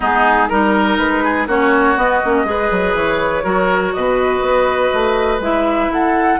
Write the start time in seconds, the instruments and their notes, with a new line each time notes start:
0.00 bassoon G#3, clarinet B3, oboe D#4, flute G#4
0.48 bassoon G3, clarinet D#4, flute A#4, oboe A#4
0.97 bassoon G#3, flute B4
1.24 oboe G#4
1.46 bassoon A#3, clarinet C#4, oboe F#4, flute C#5
1.96 bassoon B3, clarinet B3, flute D#5
2.24 bassoon A#3, clarinet C#4
2.44 bassoon G#3, clarinet G#4, oboe B4
2.71 bassoon F#3
2.94 bassoon E3, flute C#5
3.43 bassoon F#3, clarinet F#4, oboe A#4
3.93 bassoon B2, oboe B4, flute D#5
4.41 bassoon B3
4.93 bassoon A3
5.39 bassoon G#3, clarinet E4, flute E5
5.88 bassoon E4, oboe A4, flute F#5